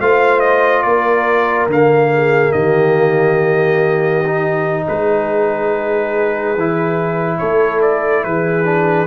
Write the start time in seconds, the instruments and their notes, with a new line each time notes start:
0.00 tuba A3, trombone F4, horn C5, trumpet F5
0.40 trumpet D#5
0.82 tuba A#3, horn A#4, trumpet D5
1.67 tuba D3, trombone A#3, trumpet F5
2.14 horn G#4
2.52 tuba D#3, horn G4, trumpet D#5
4.25 trombone D#4
4.89 tuba G#3, horn G#4, trumpet B4
6.56 tuba E3, trombone E4
7.38 tuba A3, horn A4, trumpet C#5
7.82 trumpet D5
8.24 tuba E3, horn G#4, trumpet B4
8.65 trombone D4